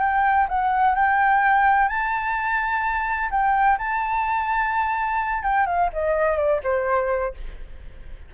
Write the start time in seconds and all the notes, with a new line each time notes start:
0.00 G5
0.49 F#5
0.95 G5
1.88 A5
3.31 G5
3.78 A5
5.43 G5
5.66 F5
5.93 D#5
6.37 D5
6.64 C5